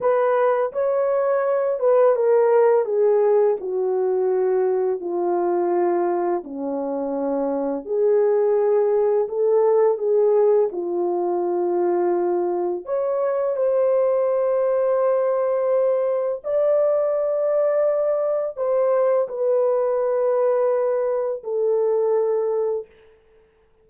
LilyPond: \new Staff \with { instrumentName = "horn" } { \time 4/4 \tempo 4 = 84 b'4 cis''4. b'8 ais'4 | gis'4 fis'2 f'4~ | f'4 cis'2 gis'4~ | gis'4 a'4 gis'4 f'4~ |
f'2 cis''4 c''4~ | c''2. d''4~ | d''2 c''4 b'4~ | b'2 a'2 | }